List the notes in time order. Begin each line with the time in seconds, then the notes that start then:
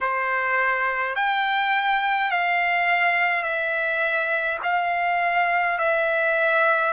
0.01 C5
1.15 G5
2.31 F5
3.42 E5
4.63 F5
5.78 E5